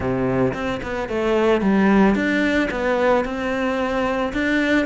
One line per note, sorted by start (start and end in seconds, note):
0.00 0.53 C3
0.53 0.80 C4
0.83 1.08 B3
1.08 1.61 A3
1.61 2.15 G3
2.15 2.69 D4
2.71 3.24 B3
3.24 4.32 C4
4.33 4.86 D4